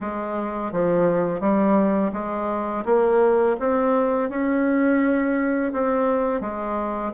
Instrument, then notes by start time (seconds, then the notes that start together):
bassoon
0.01 G#3
0.72 F3
1.40 G3
2.12 G#3
2.85 A#3
3.59 C4
4.29 C#4
5.72 C4
6.41 G#3